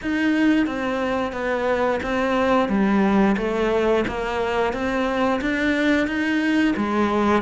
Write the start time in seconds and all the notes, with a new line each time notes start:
0.02 D#4
0.66 C4
1.32 B3
2.03 C4
2.68 G3
3.37 A3
4.07 A#3
4.73 C4
5.41 D4
6.07 D#4
6.76 G#3